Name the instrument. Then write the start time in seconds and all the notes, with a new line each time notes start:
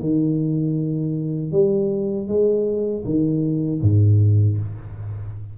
tuba
0.00 D#3
1.52 G3
2.28 G#3
3.05 D#3
3.82 G#2